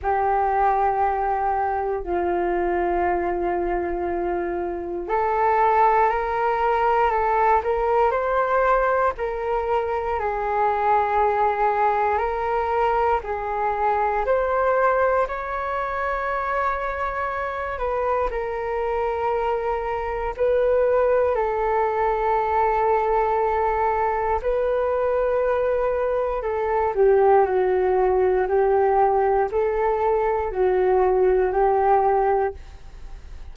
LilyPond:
\new Staff \with { instrumentName = "flute" } { \time 4/4 \tempo 4 = 59 g'2 f'2~ | f'4 a'4 ais'4 a'8 ais'8 | c''4 ais'4 gis'2 | ais'4 gis'4 c''4 cis''4~ |
cis''4. b'8 ais'2 | b'4 a'2. | b'2 a'8 g'8 fis'4 | g'4 a'4 fis'4 g'4 | }